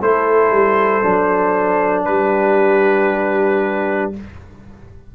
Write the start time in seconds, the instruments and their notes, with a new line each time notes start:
0.00 tuba A3, trombone E4, horn A4, trumpet C5
0.50 tuba G3
1.03 tuba F#3, trombone D4
2.04 tuba G3, horn G4, trumpet B4